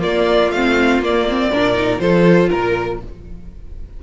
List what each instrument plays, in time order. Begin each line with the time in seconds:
0.00 viola A#3, cello A#3, violin F4 D5
0.52 cello A3, viola C4, violin F5
0.99 cello A#3, viola A#3, violin D5
1.29 viola C4
1.52 cello A#2, viola D4, violin A#4
1.74 viola D#4
2.00 cello F3, viola F4, violin A4 C5
2.49 cello A#2, violin A#4